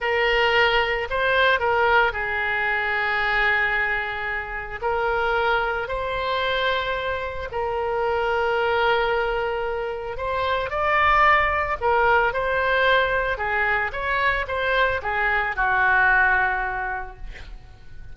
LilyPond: \new Staff \with { instrumentName = "oboe" } { \time 4/4 \tempo 4 = 112 ais'2 c''4 ais'4 | gis'1~ | gis'4 ais'2 c''4~ | c''2 ais'2~ |
ais'2. c''4 | d''2 ais'4 c''4~ | c''4 gis'4 cis''4 c''4 | gis'4 fis'2. | }